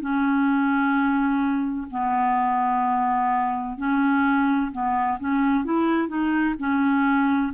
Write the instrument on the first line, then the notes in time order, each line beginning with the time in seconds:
clarinet
0.00 C#4
1.90 B3
3.77 C#4
4.71 B3
5.19 C#4
5.64 E4
6.08 D#4
6.58 C#4